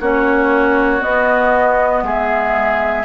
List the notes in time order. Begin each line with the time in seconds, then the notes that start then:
0.00 A#3 C#4 F#4 C#5
1.00 B3 D#5
2.03 G#3 G#4 E5